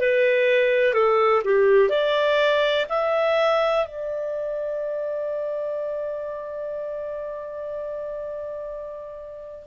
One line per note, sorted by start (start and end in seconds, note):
0.00 0.94 B4
0.94 1.42 A4
1.45 1.90 G4
1.90 2.86 D5
2.90 3.86 E5
3.86 9.66 D5